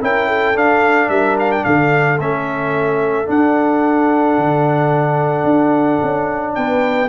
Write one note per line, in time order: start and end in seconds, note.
0.00 0.54 C#4
0.00 0.55 E4
0.00 0.28 A#4
0.00 0.57 G5
0.28 1.09 A4
0.54 1.08 D4
0.54 2.18 D4
0.54 1.09 F5
1.08 1.63 G3
1.08 1.64 A#4
1.08 1.36 E5
1.39 1.51 F5
1.51 1.64 G5
1.64 2.19 D3
1.64 6.57 A4
1.64 2.19 F5
2.19 3.28 A3
2.19 3.26 C#4
2.19 3.29 E5
3.26 7.07 D4
3.26 4.37 D4
3.26 6.55 F#5
4.37 5.44 D3
5.44 5.98 D4
6.03 6.57 C#4
6.55 7.09 B3
6.55 7.09 B4
6.55 7.09 G5